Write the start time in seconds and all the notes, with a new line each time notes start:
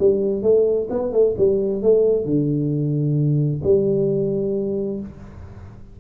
0.00 G3
0.43 A3
0.90 B3
1.13 A3
1.38 G3
1.83 A3
2.26 D3
3.64 G3